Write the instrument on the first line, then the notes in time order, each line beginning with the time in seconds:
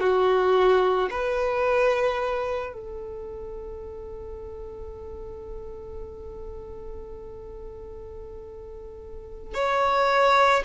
violin
0.00 F#4
1.11 B4
2.73 A4
9.54 C#5